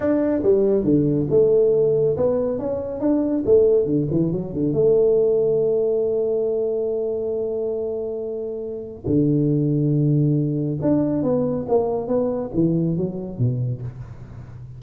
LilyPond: \new Staff \with { instrumentName = "tuba" } { \time 4/4 \tempo 4 = 139 d'4 g4 d4 a4~ | a4 b4 cis'4 d'4 | a4 d8 e8 fis8 d8 a4~ | a1~ |
a1~ | a4 d2.~ | d4 d'4 b4 ais4 | b4 e4 fis4 b,4 | }